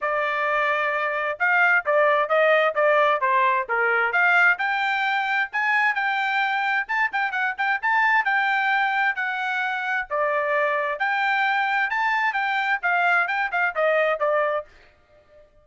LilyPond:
\new Staff \with { instrumentName = "trumpet" } { \time 4/4 \tempo 4 = 131 d''2. f''4 | d''4 dis''4 d''4 c''4 | ais'4 f''4 g''2 | gis''4 g''2 a''8 g''8 |
fis''8 g''8 a''4 g''2 | fis''2 d''2 | g''2 a''4 g''4 | f''4 g''8 f''8 dis''4 d''4 | }